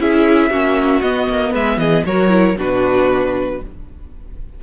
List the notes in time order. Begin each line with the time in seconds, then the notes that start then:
0.00 C#4 E4 G#4 E5
0.50 A#3 C#4 F#4
1.02 B3 D#5
1.29 A#3
1.51 G#3 B4 E5
1.78 E3 G#4 D#5
2.06 F#3 F#4 A#4 C#5
2.30 E4
2.58 B2 D4 F#4 B4